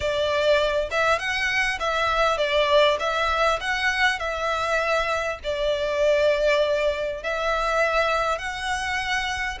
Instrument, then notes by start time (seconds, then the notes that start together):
violin
0.00 D5
0.90 E5
1.18 F#5
1.79 E5
2.37 D5
2.99 E5
3.60 F#5
4.19 E5
5.43 D5
7.23 E5
8.38 F#5